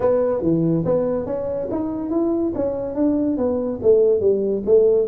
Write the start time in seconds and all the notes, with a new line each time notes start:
0.00 B3
0.42 E3
0.85 B3
1.26 C#4
1.71 D#4
2.10 E4
2.55 C#4
2.94 D4
3.37 B3
3.82 A3
4.20 G3
4.65 A3